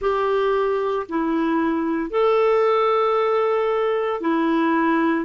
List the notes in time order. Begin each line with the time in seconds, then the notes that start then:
0.00 G4
1.09 E4
2.10 A4
4.21 E4